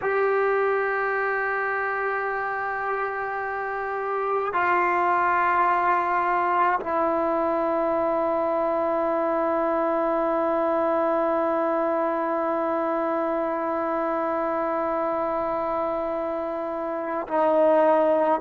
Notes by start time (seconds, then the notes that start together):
0.01 G4
4.53 F4
6.79 E4
17.27 D#4